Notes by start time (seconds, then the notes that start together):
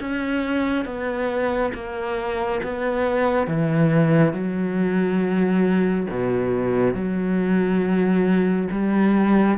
0.00 C#4
0.85 B3
1.74 A#3
2.64 B3
3.47 E3
4.33 F#3
6.11 B2
6.94 F#3
8.72 G3